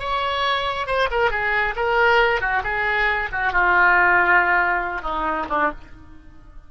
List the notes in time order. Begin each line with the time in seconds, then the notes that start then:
0.00 C#5
0.87 C5
1.11 A#4
1.31 G#4
1.76 A#4
2.41 F#4
2.64 G#4
3.32 F#4
3.53 F4
5.02 D#4
5.50 D4